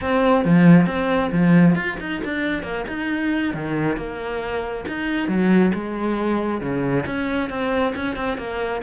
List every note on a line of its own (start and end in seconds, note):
0.01 0.44 C4
0.44 0.86 F3
0.86 1.30 C4
1.31 1.75 F3
1.75 1.97 F4
2.00 2.22 D#4
2.24 2.62 D4
2.62 2.85 A#3
2.88 3.54 D#4
3.54 3.96 D#3
3.96 4.84 A#3
4.87 5.28 D#4
5.28 5.72 F#3
5.74 6.60 G#3
6.60 7.04 C#3
7.06 7.49 C#4
7.49 7.93 C4
7.95 8.16 C#4
8.16 8.37 C4
8.37 8.81 A#3